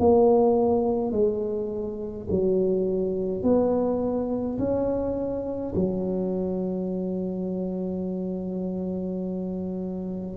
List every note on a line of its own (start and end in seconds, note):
0.00 1.12 A#3
1.12 2.28 G#3
2.30 3.43 F#3
3.43 4.58 B3
4.59 5.74 C#4
5.76 10.37 F#3